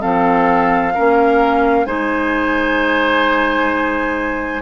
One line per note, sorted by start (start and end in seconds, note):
0.00 0.97 F3
0.00 0.92 C4
0.00 0.93 A4
0.00 1.86 F5
0.95 1.86 A#3
0.95 1.86 C#4
0.95 1.87 A#4
1.86 4.62 G#3
1.86 4.62 D#4
1.86 4.62 C5
1.86 4.62 G#5